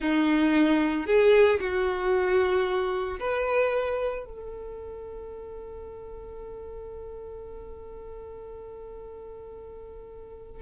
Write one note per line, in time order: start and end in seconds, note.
0.00 1.06 D#4
1.06 1.59 G#4
1.60 3.19 F#4
3.19 4.25 B4
4.25 10.62 A4